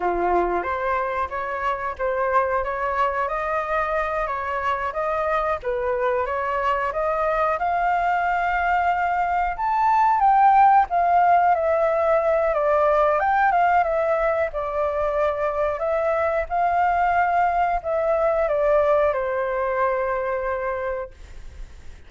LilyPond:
\new Staff \with { instrumentName = "flute" } { \time 4/4 \tempo 4 = 91 f'4 c''4 cis''4 c''4 | cis''4 dis''4. cis''4 dis''8~ | dis''8 b'4 cis''4 dis''4 f''8~ | f''2~ f''8 a''4 g''8~ |
g''8 f''4 e''4. d''4 | g''8 f''8 e''4 d''2 | e''4 f''2 e''4 | d''4 c''2. | }